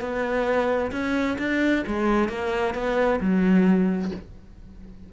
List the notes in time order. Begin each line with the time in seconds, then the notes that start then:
0.00 B3
0.91 C#4
1.38 D4
1.86 G#3
2.29 A#3
2.74 B3
3.20 F#3